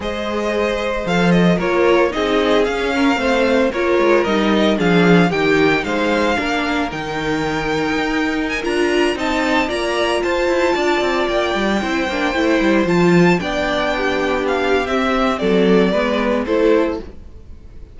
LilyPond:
<<
  \new Staff \with { instrumentName = "violin" } { \time 4/4 \tempo 4 = 113 dis''2 f''8 dis''8 cis''4 | dis''4 f''2 cis''4 | dis''4 f''4 g''4 f''4~ | f''4 g''2. |
gis''16 ais''4 a''4 ais''4 a''8.~ | a''4~ a''16 g''2~ g''8.~ | g''16 a''4 g''2 f''8. | e''4 d''2 c''4 | }
  \new Staff \with { instrumentName = "violin" } { \time 4/4 c''2. ais'4 | gis'4. ais'8 c''4 ais'4~ | ais'4 gis'4 g'4 c''4 | ais'1~ |
ais'4~ ais'16 dis''4 d''4 c''8.~ | c''16 d''2 c''4.~ c''16~ | c''4~ c''16 d''4 g'4.~ g'16~ | g'4 a'4 b'4 a'4 | }
  \new Staff \with { instrumentName = "viola" } { \time 4/4 gis'2 a'4 f'4 | dis'4 cis'4 c'4 f'4 | dis'4 d'4 dis'2 | d'4 dis'2.~ |
dis'16 f'4 dis'4 f'4.~ f'16~ | f'2~ f'16 e'8 d'8 e'8.~ | e'16 f'4 d'2~ d'8. | c'2 b4 e'4 | }
  \new Staff \with { instrumentName = "cello" } { \time 4/4 gis2 f4 ais4 | c'4 cis'4 a4 ais8 gis8 | g4 f4 dis4 gis4 | ais4 dis2 dis'4~ |
dis'16 d'4 c'4 ais4 f'8 e'16~ | e'16 d'8 c'8 ais8 g8 c'8 ais8 a8 g16~ | g16 f4 b2~ b8. | c'4 fis4 gis4 a4 | }
>>